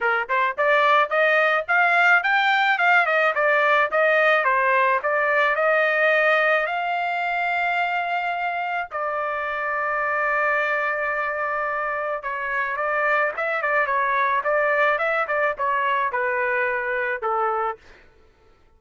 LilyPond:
\new Staff \with { instrumentName = "trumpet" } { \time 4/4 \tempo 4 = 108 ais'8 c''8 d''4 dis''4 f''4 | g''4 f''8 dis''8 d''4 dis''4 | c''4 d''4 dis''2 | f''1 |
d''1~ | d''2 cis''4 d''4 | e''8 d''8 cis''4 d''4 e''8 d''8 | cis''4 b'2 a'4 | }